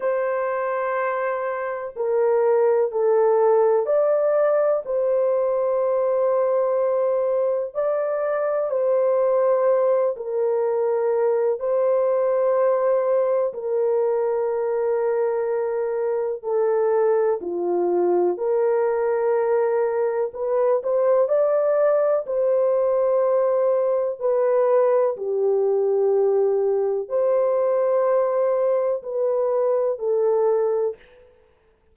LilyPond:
\new Staff \with { instrumentName = "horn" } { \time 4/4 \tempo 4 = 62 c''2 ais'4 a'4 | d''4 c''2. | d''4 c''4. ais'4. | c''2 ais'2~ |
ais'4 a'4 f'4 ais'4~ | ais'4 b'8 c''8 d''4 c''4~ | c''4 b'4 g'2 | c''2 b'4 a'4 | }